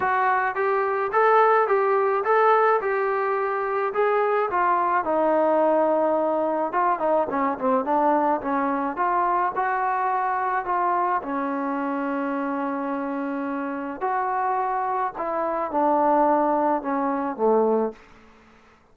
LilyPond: \new Staff \with { instrumentName = "trombone" } { \time 4/4 \tempo 4 = 107 fis'4 g'4 a'4 g'4 | a'4 g'2 gis'4 | f'4 dis'2. | f'8 dis'8 cis'8 c'8 d'4 cis'4 |
f'4 fis'2 f'4 | cis'1~ | cis'4 fis'2 e'4 | d'2 cis'4 a4 | }